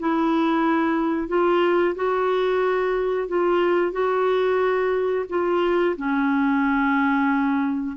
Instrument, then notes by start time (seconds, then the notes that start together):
clarinet
0.00 E4
1.28 F4
1.95 F#4
3.28 F4
3.92 F#4
5.29 F4
5.97 C#4